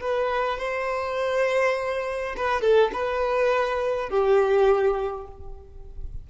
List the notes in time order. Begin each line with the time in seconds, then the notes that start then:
0.00 B4
0.58 C5
2.36 B4
2.61 A4
2.93 B4
4.09 G4